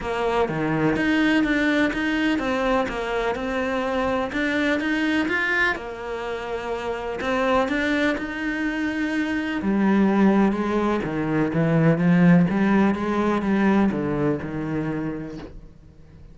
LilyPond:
\new Staff \with { instrumentName = "cello" } { \time 4/4 \tempo 4 = 125 ais4 dis4 dis'4 d'4 | dis'4 c'4 ais4 c'4~ | c'4 d'4 dis'4 f'4 | ais2. c'4 |
d'4 dis'2. | g2 gis4 dis4 | e4 f4 g4 gis4 | g4 d4 dis2 | }